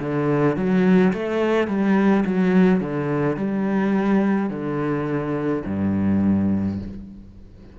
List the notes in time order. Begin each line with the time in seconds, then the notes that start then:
0.00 D3
0.56 F#3
1.13 A3
1.68 G3
2.25 F#3
2.80 D3
3.37 G3
4.50 D3
5.66 G2